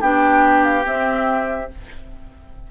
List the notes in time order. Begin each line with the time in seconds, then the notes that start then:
0.00 B3 D4 G4 G5
0.64 F5
0.83 C4 E5